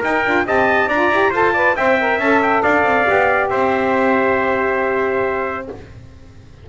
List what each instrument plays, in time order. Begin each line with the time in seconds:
0.00 saxophone D#4, double bass D#4, trumpet A#4 G5
0.25 double bass D4, saxophone F4
0.46 double bass C4, saxophone G4, trumpet D#5 A5
0.88 double bass D4, saxophone F4, trumpet D5 A#5
1.10 double bass E4, saxophone G4
1.30 double bass F4, saxophone A4, trumpet C5 A5
1.53 saxophone B4, trumpet D5
1.76 double bass C4, saxophone C5, trumpet E5 G5
2.01 saxophone A#4
2.19 double bass C#4, saxophone A4, trumpet A5
2.42 trumpet G5
2.62 double bass D4, trumpet D5 F5
2.83 double bass C4
3.07 double bass B3, saxophone G4
3.49 double bass C4, trumpet C5 E5